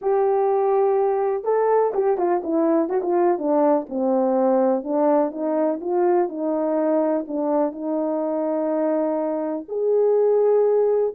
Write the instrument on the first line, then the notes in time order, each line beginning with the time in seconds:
horn
0.01 G4
1.44 A4
1.94 G4
2.17 F4
2.43 E4
2.89 F#4
3.02 F4
3.38 D4
3.89 C4
4.83 D4
5.31 D#4
5.80 F4
6.29 D#4
7.27 D4
7.72 D#4
9.68 G#4